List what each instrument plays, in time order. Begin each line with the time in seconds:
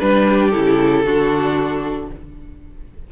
0.00 cello G3, viola D4, violin B4
0.29 violin G4
0.50 cello C#3, viola E4, violin A4
1.05 cello D3, viola D4, violin F#4